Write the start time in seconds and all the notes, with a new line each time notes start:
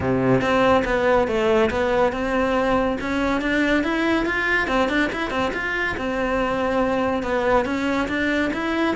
0.00 C3
0.41 C4
0.85 B3
1.27 A3
1.70 B3
2.12 C4
3.00 C#4
3.41 D4
3.83 E4
4.25 F4
4.67 C4
4.88 D4
5.12 E4
5.30 C4
5.53 F4
5.97 C4
7.22 B3
7.65 C#4
8.08 D4
8.53 E4